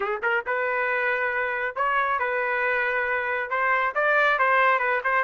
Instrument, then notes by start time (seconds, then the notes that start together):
trumpet
0.00 G#4
0.22 A#4
0.46 B4
1.75 C#5
2.19 B4
3.50 C5
3.95 D5
4.38 C5
4.79 B4
5.03 C5